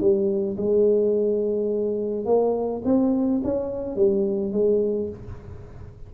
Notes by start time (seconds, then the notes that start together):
0.00 G3
0.57 G#3
2.25 A#3
2.85 C4
3.44 C#4
3.96 G3
4.52 G#3